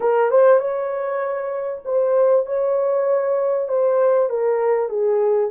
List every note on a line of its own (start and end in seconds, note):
0.00 0.30 A#4
0.30 0.59 C5
0.59 1.82 C#5
1.85 2.45 C5
2.45 3.68 C#5
3.68 4.29 C5
4.29 4.89 A#4
4.89 5.50 G#4